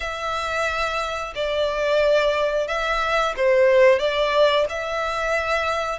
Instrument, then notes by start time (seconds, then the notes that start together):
violin
0.00 E5
1.35 D5
2.67 E5
3.37 C5
3.98 D5
4.69 E5